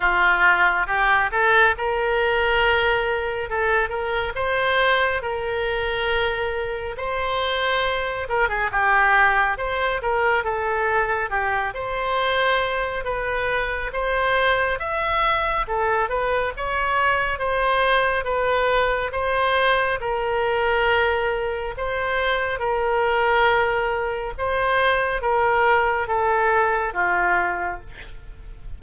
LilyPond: \new Staff \with { instrumentName = "oboe" } { \time 4/4 \tempo 4 = 69 f'4 g'8 a'8 ais'2 | a'8 ais'8 c''4 ais'2 | c''4. ais'16 gis'16 g'4 c''8 ais'8 | a'4 g'8 c''4. b'4 |
c''4 e''4 a'8 b'8 cis''4 | c''4 b'4 c''4 ais'4~ | ais'4 c''4 ais'2 | c''4 ais'4 a'4 f'4 | }